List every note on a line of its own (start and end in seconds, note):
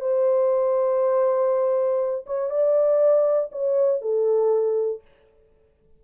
0.00 2.25 C5
2.26 2.50 C#5
2.50 3.50 D5
3.51 4.01 C#5
4.01 5.01 A4